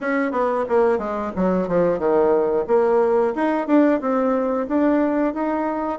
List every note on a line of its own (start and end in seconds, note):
0.00 0.31 C#4
0.31 0.65 B3
0.68 0.98 A#3
0.98 1.32 G#3
1.35 1.68 F#3
1.68 1.98 F3
1.98 2.65 D#3
2.67 3.34 A#3
3.35 3.67 D#4
3.67 4.00 D4
4.00 4.67 C4
4.68 5.33 D4
5.33 5.99 D#4